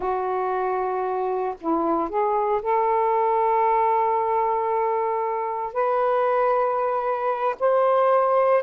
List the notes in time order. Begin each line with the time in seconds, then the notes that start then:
0.00 F#4
1.60 E4
2.09 G#4
2.62 A4
5.72 B4
7.59 C5